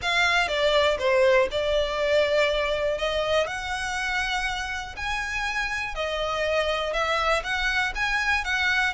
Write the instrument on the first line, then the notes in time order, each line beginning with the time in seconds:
violin
0.02 F5
0.48 D5
0.98 C5
1.51 D5
2.98 D#5
3.47 F#5
4.96 G#5
5.94 D#5
6.93 E5
7.43 F#5
7.95 G#5
8.44 F#5